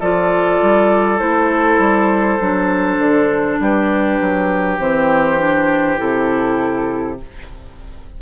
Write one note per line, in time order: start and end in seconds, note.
0.00 0.61 F3
0.00 1.19 F4
0.00 3.60 A4
0.00 1.19 D5
0.61 1.21 G3
1.19 1.79 A3
1.19 2.39 E4
1.19 3.59 C5
1.79 2.39 G3
2.40 2.98 F#3
2.40 4.79 D4
2.98 3.58 D3
3.60 4.20 G3
3.60 7.21 G4
3.60 4.80 B4
4.21 4.79 F#3
4.79 5.99 E3
4.79 5.38 C4
4.79 5.99 C5
5.38 5.97 D4
5.97 7.20 C3
5.97 7.17 E4
5.97 7.19 A4